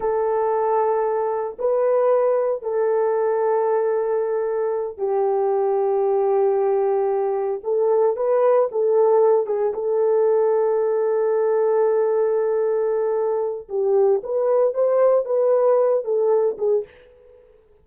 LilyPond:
\new Staff \with { instrumentName = "horn" } { \time 4/4 \tempo 4 = 114 a'2. b'4~ | b'4 a'2.~ | a'4. g'2~ g'8~ | g'2~ g'8 a'4 b'8~ |
b'8 a'4. gis'8 a'4.~ | a'1~ | a'2 g'4 b'4 | c''4 b'4. a'4 gis'8 | }